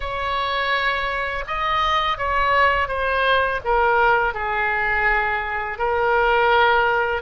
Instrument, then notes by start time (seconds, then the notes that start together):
oboe
0.00 C#5
1.47 D#5
2.17 C#5
2.88 C5
3.64 A#4
4.34 G#4
5.78 A#4